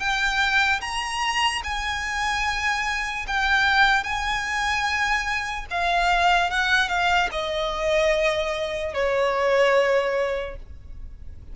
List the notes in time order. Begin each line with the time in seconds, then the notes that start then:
0.00 G5
0.81 A#5
1.64 G#5
3.28 G5
4.04 G#5
5.71 F5
6.51 F#5
6.89 F5
7.32 D#5
8.94 C#5